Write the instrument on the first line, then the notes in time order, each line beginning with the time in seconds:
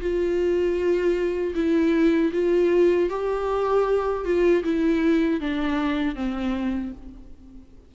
viola
0.00 F4
1.55 E4
2.33 F4
3.09 G4
4.24 F4
4.63 E4
5.40 D4
6.15 C4